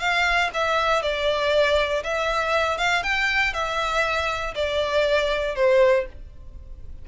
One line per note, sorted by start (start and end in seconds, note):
0.00 0.50 F5
0.54 1.02 E5
1.02 2.03 D5
2.03 2.78 E5
2.78 3.03 F5
3.03 3.53 G5
3.53 4.54 E5
4.55 5.56 D5
5.56 6.06 C5